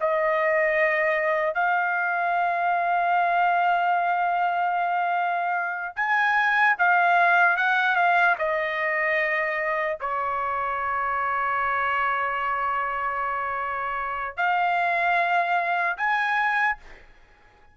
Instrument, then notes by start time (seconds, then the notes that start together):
trumpet
0.00 D#5
1.54 F5
5.96 G#5
6.78 F5
7.56 F#5
7.95 F5
8.38 D#5
10.00 C#5
14.36 F5
15.97 G#5